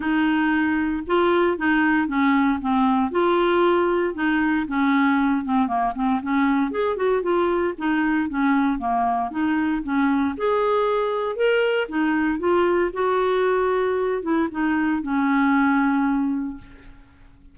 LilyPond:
\new Staff \with { instrumentName = "clarinet" } { \time 4/4 \tempo 4 = 116 dis'2 f'4 dis'4 | cis'4 c'4 f'2 | dis'4 cis'4. c'8 ais8 c'8 | cis'4 gis'8 fis'8 f'4 dis'4 |
cis'4 ais4 dis'4 cis'4 | gis'2 ais'4 dis'4 | f'4 fis'2~ fis'8 e'8 | dis'4 cis'2. | }